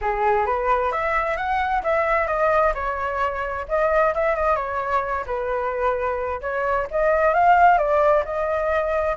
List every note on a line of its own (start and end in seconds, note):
0.01 0.46 G#4
0.46 0.92 B4
0.92 1.36 E5
1.36 1.82 F#5
1.83 2.27 E5
2.27 2.73 D#5
2.74 3.66 C#5
3.68 4.14 D#5
4.14 4.35 E5
4.35 4.56 D#5
4.56 5.24 C#5
5.26 6.40 B4
6.41 6.87 C#5
6.90 7.34 D#5
7.34 7.77 F5
7.77 8.23 D5
8.24 9.16 D#5